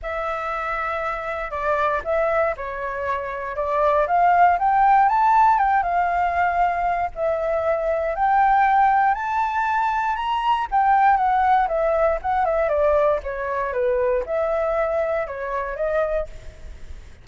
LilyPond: \new Staff \with { instrumentName = "flute" } { \time 4/4 \tempo 4 = 118 e''2. d''4 | e''4 cis''2 d''4 | f''4 g''4 a''4 g''8 f''8~ | f''2 e''2 |
g''2 a''2 | ais''4 g''4 fis''4 e''4 | fis''8 e''8 d''4 cis''4 b'4 | e''2 cis''4 dis''4 | }